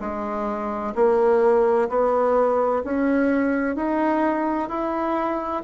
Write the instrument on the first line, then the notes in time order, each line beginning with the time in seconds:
bassoon
0.00 G#3
0.95 A#3
1.89 B3
2.84 C#4
3.76 D#4
4.69 E4